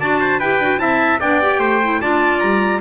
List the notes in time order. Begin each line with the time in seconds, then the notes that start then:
0.00 D4 F#4 D5 A5
0.21 C5
0.40 E4 G4 B4 G5
0.60 D4 F#4
0.78 C4 E4 E5 A5
1.20 B3 D4 D5 G5
1.42 G4
1.59 A3 C5
1.84 E4
2.02 D4 F4 D5 A5
2.40 G3 A#5